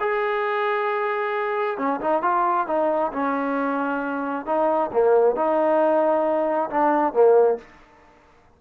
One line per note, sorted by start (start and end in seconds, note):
0.00 1.78 G#4
1.78 2.00 C#4
2.01 2.22 D#4
2.22 2.67 F4
2.67 3.12 D#4
3.13 4.46 C#4
4.46 4.91 D#4
4.93 5.36 A#3
5.36 6.70 D#4
6.70 7.13 D4
7.13 7.58 A#3